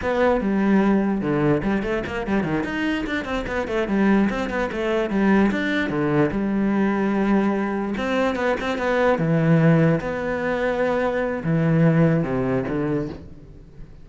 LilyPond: \new Staff \with { instrumentName = "cello" } { \time 4/4 \tempo 4 = 147 b4 g2 d4 | g8 a8 ais8 g8 dis8 dis'4 d'8 | c'8 b8 a8 g4 c'8 b8 a8~ | a8 g4 d'4 d4 g8~ |
g2.~ g8 c'8~ | c'8 b8 c'8 b4 e4.~ | e8 b2.~ b8 | e2 c4 d4 | }